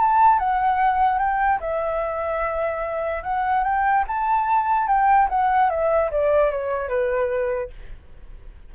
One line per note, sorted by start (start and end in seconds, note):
0.00 0.39 A5
0.39 1.19 F#5
1.19 1.59 G5
1.60 3.23 E5
3.23 3.64 F#5
3.64 4.04 G5
4.07 4.88 A5
4.88 5.28 G5
5.29 5.70 F#5
5.70 6.10 E5
6.11 6.51 D5
6.51 6.88 C#5
6.88 7.70 B4